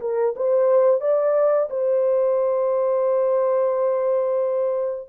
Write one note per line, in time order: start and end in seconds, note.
0.00 0.34 A#4
0.36 1.00 C5
1.00 1.69 D5
1.70 5.09 C5